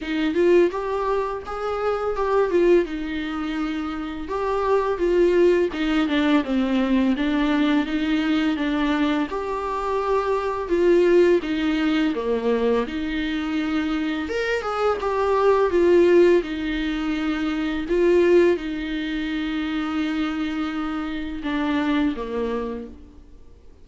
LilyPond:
\new Staff \with { instrumentName = "viola" } { \time 4/4 \tempo 4 = 84 dis'8 f'8 g'4 gis'4 g'8 f'8 | dis'2 g'4 f'4 | dis'8 d'8 c'4 d'4 dis'4 | d'4 g'2 f'4 |
dis'4 ais4 dis'2 | ais'8 gis'8 g'4 f'4 dis'4~ | dis'4 f'4 dis'2~ | dis'2 d'4 ais4 | }